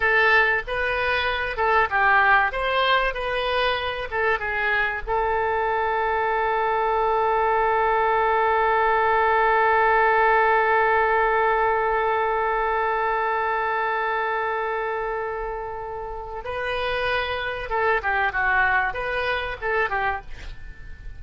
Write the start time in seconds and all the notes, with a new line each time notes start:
0.00 A4
0.67 B4
1.56 A4
1.90 G4
2.52 C5
3.13 B4
4.10 A4
4.39 G#4
5.06 A4
16.44 B4
17.69 A4
18.02 G4
18.32 F#4
18.93 B4
19.61 A4
19.89 G4